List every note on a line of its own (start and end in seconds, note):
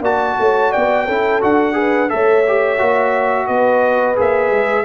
0.00 0.34 A#3
0.00 1.07 F#4
0.00 0.35 D5
0.00 0.72 A5
0.39 0.73 A3
0.39 0.71 C#5
0.71 1.07 B3
0.71 1.05 D5
0.71 1.41 G5
1.05 1.42 C#4
1.05 1.41 E4
1.05 1.74 A4
1.41 2.11 D4
1.41 1.73 F#4
1.41 2.09 F#5
1.73 2.07 G#4
1.73 2.11 B4
2.08 2.80 A3
2.08 2.43 A4
2.08 3.47 C#5
2.08 3.46 E5
2.47 2.78 G4
2.78 3.48 A#3
2.78 4.15 F#4
3.46 4.17 B3
3.46 4.84 B4
3.46 4.15 D#5
4.15 4.50 A#3
4.15 4.84 G#4
4.15 4.84 E5
4.50 4.84 G#3